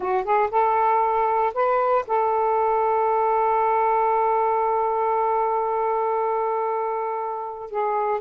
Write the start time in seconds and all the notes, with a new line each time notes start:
0.00 F#4
0.24 G#4
0.50 A4
1.53 B4
2.07 A4
7.70 G#4